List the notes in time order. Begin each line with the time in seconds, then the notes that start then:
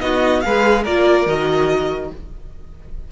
0.00 B3 D#4 F#4 D#5
0.40 G#3 G#4 B4 F5
0.82 A#3 F4 A#4 D5
1.26 D#3 F#4 D#5